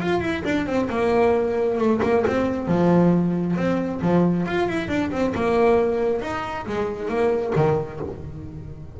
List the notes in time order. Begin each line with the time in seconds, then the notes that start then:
0.00 F4
0.20 E4
0.44 D4
0.66 C4
0.89 A#3
1.78 A3
2.02 A#3
2.26 C4
2.67 F3
3.56 C4
4.01 F3
4.46 F4
4.68 E4
4.88 D4
5.11 C4
5.34 A#3
6.21 D#4
6.66 G#3
7.08 A#3
7.55 D#3